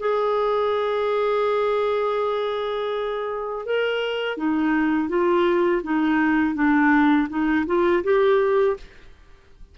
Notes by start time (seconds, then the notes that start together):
0.00 G#4
3.66 A#4
4.37 D#4
5.09 F4
5.83 D#4
6.55 D4
7.29 D#4
7.67 F4
8.04 G4